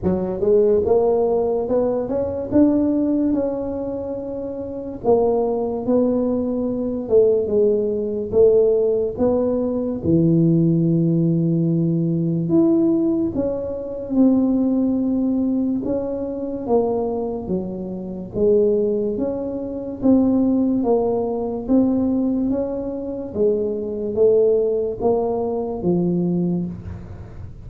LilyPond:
\new Staff \with { instrumentName = "tuba" } { \time 4/4 \tempo 4 = 72 fis8 gis8 ais4 b8 cis'8 d'4 | cis'2 ais4 b4~ | b8 a8 gis4 a4 b4 | e2. e'4 |
cis'4 c'2 cis'4 | ais4 fis4 gis4 cis'4 | c'4 ais4 c'4 cis'4 | gis4 a4 ais4 f4 | }